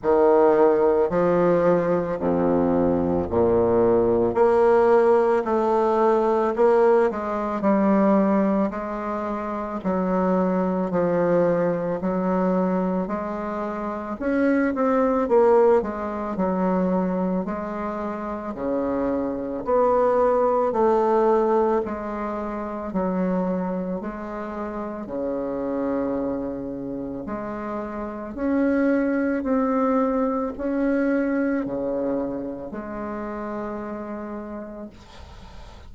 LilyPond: \new Staff \with { instrumentName = "bassoon" } { \time 4/4 \tempo 4 = 55 dis4 f4 f,4 ais,4 | ais4 a4 ais8 gis8 g4 | gis4 fis4 f4 fis4 | gis4 cis'8 c'8 ais8 gis8 fis4 |
gis4 cis4 b4 a4 | gis4 fis4 gis4 cis4~ | cis4 gis4 cis'4 c'4 | cis'4 cis4 gis2 | }